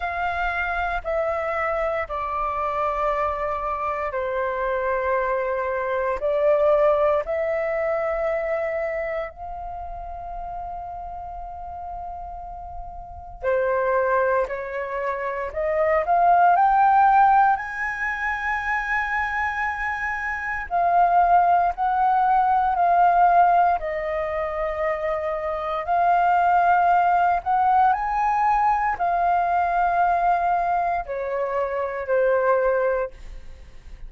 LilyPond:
\new Staff \with { instrumentName = "flute" } { \time 4/4 \tempo 4 = 58 f''4 e''4 d''2 | c''2 d''4 e''4~ | e''4 f''2.~ | f''4 c''4 cis''4 dis''8 f''8 |
g''4 gis''2. | f''4 fis''4 f''4 dis''4~ | dis''4 f''4. fis''8 gis''4 | f''2 cis''4 c''4 | }